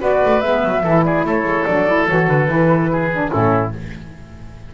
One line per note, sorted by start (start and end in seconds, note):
0.00 0.23 B3
0.00 0.41 F#4
0.00 0.84 B4
0.00 0.41 D5
0.26 0.43 A3
0.41 0.64 G#3
0.41 0.84 B3
0.41 1.03 E5
0.64 0.84 F#3
0.84 1.25 E3
0.84 1.67 E4
0.84 1.05 A4
1.04 1.26 G#4
1.04 1.25 D5
1.25 1.44 A3
1.25 2.92 A4
1.25 1.66 C#5
1.44 1.65 G#3
1.66 2.09 F#3
1.66 1.88 D4
1.66 2.07 D5
1.88 2.08 E4
2.08 2.28 E3
2.08 2.48 F#4
2.08 2.28 C#5
2.28 2.48 D3
2.28 3.32 B4
2.48 3.31 E3
2.48 3.10 E4
2.92 3.32 G#4
3.13 3.31 D4
3.31 3.75 A2
3.31 3.72 C#4
3.31 3.73 E4
3.31 3.73 A4